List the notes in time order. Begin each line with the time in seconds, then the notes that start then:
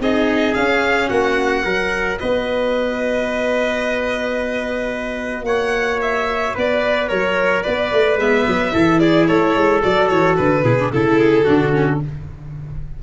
0.00 C4 D#4 G#4 D#5
0.55 C#4 F5
1.09 A#3 F#4 F#5
1.65 F#3 F#4 A#4
2.20 B3 B4 D#5
5.44 A#3 C#5 F#5
6.01 E5
6.55 B3 B4 D5
7.09 F#3 A#4 C#5
7.63 B3 B4 D5
7.92 A3
8.17 G#3 B3 E5
8.47 F#3
8.72 E3 E4 A4
9.00 G#4 D5
9.27 A3 A4 C#5
9.55 G#3
9.81 F#3 F#4 D5
10.09 E3 C#5
10.37 D3 B4
10.63 B2 E4 G#4
10.79 D4
10.92 C#3 E4 A4
11.20 G#4
11.45 D3 D4 F#4
11.73 C#4